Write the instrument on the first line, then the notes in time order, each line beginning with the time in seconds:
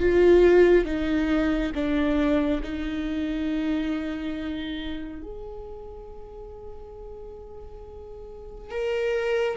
viola
0.00 F4
0.85 D#4
1.74 D4
2.63 D#4
5.23 G#4
8.70 A#4